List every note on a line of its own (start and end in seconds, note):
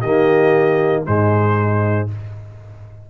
0.00 1.04 D#3
0.00 1.05 A#3
0.00 1.03 G4
0.00 1.03 D#5
1.05 2.10 G#2
1.05 2.08 G#3
1.05 2.07 D#4
1.05 2.08 C5